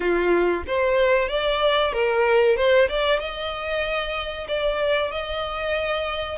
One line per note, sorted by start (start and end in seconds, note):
0.00 0.63 F4
0.67 1.29 C5
1.29 1.92 D5
1.93 2.56 A#4
2.56 2.88 C5
2.89 3.19 D5
3.19 4.47 D#5
4.48 5.11 D5
5.11 6.37 D#5